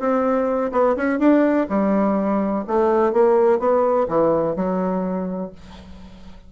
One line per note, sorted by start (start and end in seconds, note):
0.00 0.72 C4
0.73 0.97 B3
0.97 1.20 C#4
1.20 1.68 D4
1.70 2.66 G3
2.68 3.13 A3
3.13 3.60 A#3
3.60 4.08 B3
4.09 4.56 E3
4.56 5.52 F#3